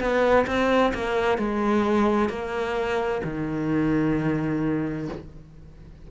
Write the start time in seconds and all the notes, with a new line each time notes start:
0.00 B3
0.47 C4
0.94 A#3
1.38 G#3
2.30 A#3
3.24 D#3